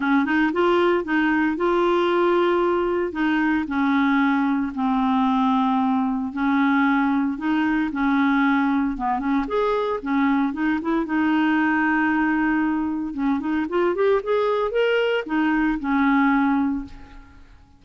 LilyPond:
\new Staff \with { instrumentName = "clarinet" } { \time 4/4 \tempo 4 = 114 cis'8 dis'8 f'4 dis'4 f'4~ | f'2 dis'4 cis'4~ | cis'4 c'2. | cis'2 dis'4 cis'4~ |
cis'4 b8 cis'8 gis'4 cis'4 | dis'8 e'8 dis'2.~ | dis'4 cis'8 dis'8 f'8 g'8 gis'4 | ais'4 dis'4 cis'2 | }